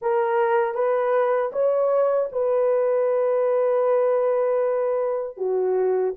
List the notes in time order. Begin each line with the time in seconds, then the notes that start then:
0.01 A#4
0.74 B4
1.52 C#5
2.31 B4
5.37 F#4